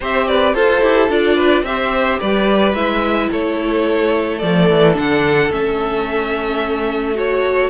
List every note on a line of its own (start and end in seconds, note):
0.00 0.54 C4
0.00 0.54 G4
0.00 0.27 C5
0.00 0.28 E5
0.28 0.55 B4
0.28 0.54 D5
0.54 0.81 F4
0.54 0.82 A4
0.54 1.36 A4
0.54 1.09 C5
0.81 1.08 E4
0.81 1.09 G4
1.08 1.62 D4
1.08 1.64 F4
1.08 1.64 D5
1.36 1.63 B4
1.62 2.18 C4
1.62 2.75 G4
1.62 2.19 C5
1.62 2.19 E5
2.19 2.73 G3
2.19 3.29 B4
2.19 2.74 D5
2.73 3.28 G#3
2.73 4.40 E4
2.73 3.29 E5
3.31 4.42 A3
3.31 7.70 A4
3.31 4.38 C#5
4.38 4.69 F3
4.38 4.94 A3
4.38 4.93 D5
4.69 4.97 E3
4.94 5.49 D3
4.94 5.49 D4
4.94 5.51 F#5
5.49 7.69 A3
5.49 7.15 C#4
5.49 7.16 E5
7.15 7.70 F#4
7.15 7.70 C#5